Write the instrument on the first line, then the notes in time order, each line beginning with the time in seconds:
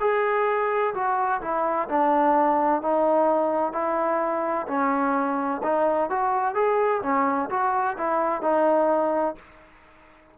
trombone
0.00 G#4
0.94 F#4
1.41 E4
1.89 D4
2.82 D#4
3.73 E4
4.67 C#4
5.63 D#4
6.10 F#4
6.55 G#4
7.03 C#4
7.50 F#4
7.97 E4
8.42 D#4